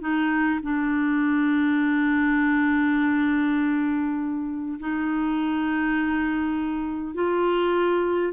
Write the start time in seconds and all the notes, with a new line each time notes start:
0.00 D#4
0.62 D4
4.79 D#4
7.14 F4